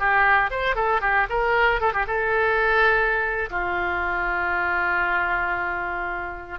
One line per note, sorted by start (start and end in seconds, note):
0.00 0.51 G4
0.51 0.76 C5
0.76 1.01 A4
1.01 1.27 G4
1.30 1.81 A#4
1.81 1.93 A4
1.93 2.06 G4
2.07 3.50 A4
3.51 6.59 F4